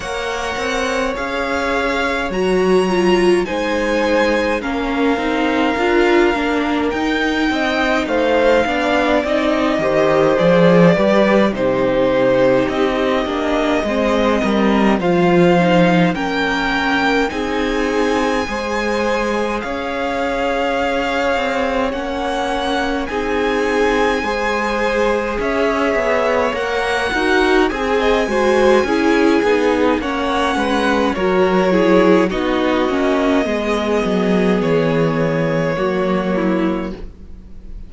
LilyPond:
<<
  \new Staff \with { instrumentName = "violin" } { \time 4/4 \tempo 4 = 52 fis''4 f''4 ais''4 gis''4 | f''2 g''4 f''4 | dis''4 d''4 c''4 dis''4~ | dis''4 f''4 g''4 gis''4~ |
gis''4 f''2 fis''4 | gis''2 e''4 fis''4 | gis''2 fis''4 cis''4 | dis''2 cis''2 | }
  \new Staff \with { instrumentName = "violin" } { \time 4/4 cis''2. c''4 | ais'2~ ais'8 dis''8 c''8 d''8~ | d''8 c''4 b'8 g'2 | c''8 ais'8 c''4 ais'4 gis'4 |
c''4 cis''2. | gis'4 c''4 cis''4. ais'8 | gis'16 dis''16 c''8 gis'4 cis''8 b'8 ais'8 gis'8 | fis'4 gis'2 fis'8 e'8 | }
  \new Staff \with { instrumentName = "viola" } { \time 4/4 ais'4 gis'4 fis'8 f'8 dis'4 | cis'8 dis'8 f'8 d'8 dis'4. d'8 | dis'8 g'8 gis'8 g'8 dis'4. d'8 | c'4 f'8 dis'8 cis'4 dis'4 |
gis'2. cis'4 | dis'4 gis'2 ais'8 fis'8 | gis'8 fis'8 e'8 dis'8 cis'4 fis'8 e'8 | dis'8 cis'8 b2 ais4 | }
  \new Staff \with { instrumentName = "cello" } { \time 4/4 ais8 c'8 cis'4 fis4 gis4 | ais8 c'8 d'8 ais8 dis'8 c'8 a8 b8 | c'8 dis8 f8 g8 c4 c'8 ais8 | gis8 g8 f4 ais4 c'4 |
gis4 cis'4. c'8 ais4 | c'4 gis4 cis'8 b8 ais8 dis'8 | c'8 gis8 cis'8 b8 ais8 gis8 fis4 | b8 ais8 gis8 fis8 e4 fis4 | }
>>